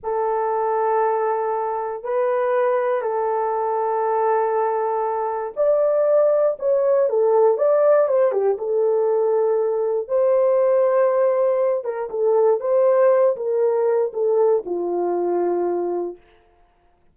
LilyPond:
\new Staff \with { instrumentName = "horn" } { \time 4/4 \tempo 4 = 119 a'1 | b'2 a'2~ | a'2. d''4~ | d''4 cis''4 a'4 d''4 |
c''8 g'8 a'2. | c''2.~ c''8 ais'8 | a'4 c''4. ais'4. | a'4 f'2. | }